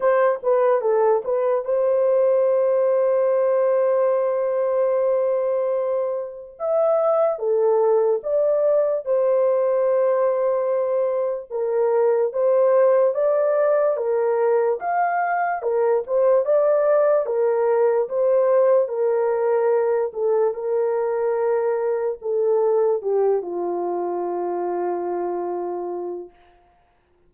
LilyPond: \new Staff \with { instrumentName = "horn" } { \time 4/4 \tempo 4 = 73 c''8 b'8 a'8 b'8 c''2~ | c''1 | e''4 a'4 d''4 c''4~ | c''2 ais'4 c''4 |
d''4 ais'4 f''4 ais'8 c''8 | d''4 ais'4 c''4 ais'4~ | ais'8 a'8 ais'2 a'4 | g'8 f'2.~ f'8 | }